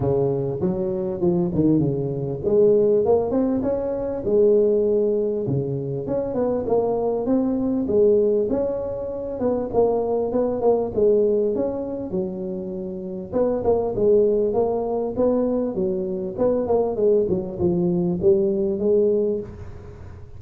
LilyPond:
\new Staff \with { instrumentName = "tuba" } { \time 4/4 \tempo 4 = 99 cis4 fis4 f8 dis8 cis4 | gis4 ais8 c'8 cis'4 gis4~ | gis4 cis4 cis'8 b8 ais4 | c'4 gis4 cis'4. b8 |
ais4 b8 ais8 gis4 cis'4 | fis2 b8 ais8 gis4 | ais4 b4 fis4 b8 ais8 | gis8 fis8 f4 g4 gis4 | }